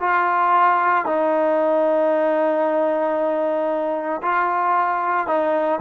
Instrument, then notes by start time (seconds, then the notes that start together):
trombone
0.00 F4
1.05 D#4
4.22 F4
5.27 D#4